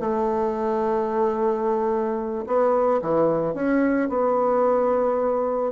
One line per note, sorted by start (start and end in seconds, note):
0.00 2.45 A3
2.47 3.01 B3
3.02 3.55 E3
3.55 4.09 C#4
4.09 5.72 B3